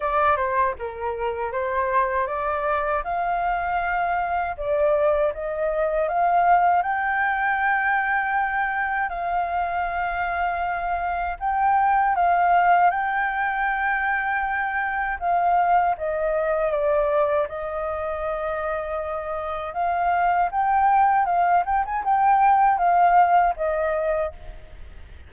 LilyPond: \new Staff \with { instrumentName = "flute" } { \time 4/4 \tempo 4 = 79 d''8 c''8 ais'4 c''4 d''4 | f''2 d''4 dis''4 | f''4 g''2. | f''2. g''4 |
f''4 g''2. | f''4 dis''4 d''4 dis''4~ | dis''2 f''4 g''4 | f''8 g''16 gis''16 g''4 f''4 dis''4 | }